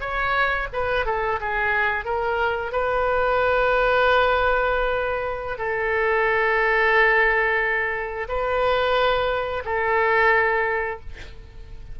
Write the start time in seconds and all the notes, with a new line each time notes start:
0.00 C#5
0.72 B4
1.05 A4
1.40 G#4
2.04 A#4
2.72 B4
5.58 A4
8.28 B4
9.65 A4